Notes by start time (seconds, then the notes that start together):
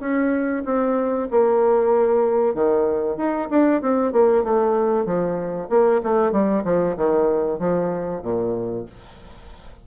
0.00 C#4
0.65 C4
1.31 A#3
2.54 D#3
3.17 D#4
3.50 D4
3.82 C4
4.12 A#3
4.43 A3
5.06 F3
5.70 A#3
6.03 A3
6.32 G3
6.64 F3
6.97 D#3
7.59 F3
8.22 A#2